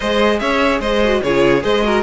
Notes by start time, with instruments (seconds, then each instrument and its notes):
0.00 cello G#3, viola G#4, violin C5 D#5
0.39 cello C#4, violin C#5 E5
0.80 cello G#3, violin C5 D#5
1.03 viola F#4
1.22 cello C#3, viola F4, violin G#4 C#5
1.61 cello G#3, viola G#4, violin C5 D#5
1.83 viola F#4, violin A#4